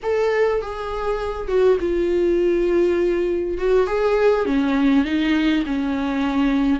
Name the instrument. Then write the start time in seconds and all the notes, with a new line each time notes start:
viola
0.02 A4
0.61 G#4
1.47 F#4
1.80 F4
3.58 F#4
3.86 G#4
4.45 C#4
5.04 D#4
5.66 C#4